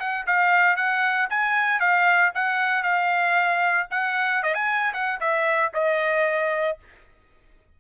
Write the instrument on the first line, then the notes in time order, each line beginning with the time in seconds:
trumpet
0.00 F#5
0.27 F5
0.77 F#5
1.30 G#5
1.80 F5
2.35 F#5
2.83 F5
3.91 F#5
4.43 D#5
4.54 G#5
4.94 F#5
5.21 E5
5.74 D#5